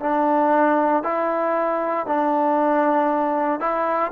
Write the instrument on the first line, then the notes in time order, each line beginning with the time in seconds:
trombone
0.00 D4
1.03 E4
2.06 D4
3.60 E4